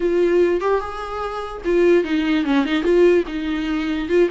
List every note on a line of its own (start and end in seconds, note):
0.00 0.60 F4
0.60 0.80 G4
0.80 1.62 G#4
1.64 2.04 F4
2.04 2.44 D#4
2.44 2.65 C#4
2.65 2.83 D#4
2.83 3.24 F4
3.27 4.08 D#4
4.08 4.29 F4